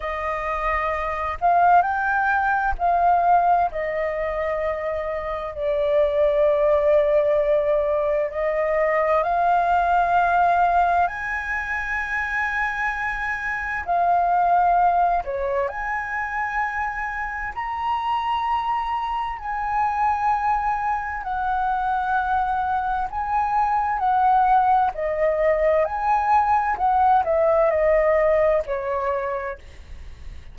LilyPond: \new Staff \with { instrumentName = "flute" } { \time 4/4 \tempo 4 = 65 dis''4. f''8 g''4 f''4 | dis''2 d''2~ | d''4 dis''4 f''2 | gis''2. f''4~ |
f''8 cis''8 gis''2 ais''4~ | ais''4 gis''2 fis''4~ | fis''4 gis''4 fis''4 dis''4 | gis''4 fis''8 e''8 dis''4 cis''4 | }